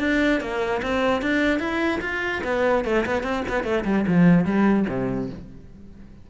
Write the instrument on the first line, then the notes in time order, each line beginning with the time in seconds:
cello
0.00 D4
0.41 A#3
0.82 C4
1.22 D4
1.60 E4
2.01 F4
2.44 B3
2.85 A3
3.06 B3
3.23 C4
3.49 B3
3.64 A3
3.85 G3
4.08 F3
4.45 G3
4.89 C3